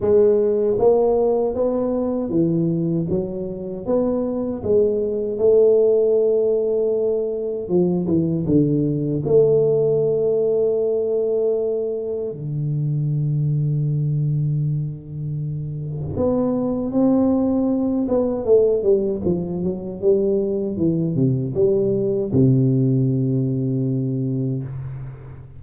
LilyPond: \new Staff \with { instrumentName = "tuba" } { \time 4/4 \tempo 4 = 78 gis4 ais4 b4 e4 | fis4 b4 gis4 a4~ | a2 f8 e8 d4 | a1 |
d1~ | d4 b4 c'4. b8 | a8 g8 f8 fis8 g4 e8 c8 | g4 c2. | }